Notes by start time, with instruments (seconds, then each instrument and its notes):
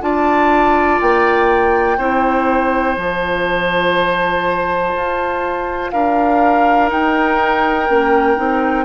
0.00 bassoon D4, clarinet F4, oboe D5, flute A5
1.01 bassoon A#3, flute G5
1.97 bassoon C4, clarinet E4, oboe C5
2.95 bassoon F3, clarinet F4, flute A5
4.95 bassoon F4
5.90 bassoon D4, oboe A#4, flute F5
6.86 clarinet D#4, bassoon D#4, flute G5
7.88 bassoon A#3, clarinet C#4
8.36 bassoon C4, clarinet D#4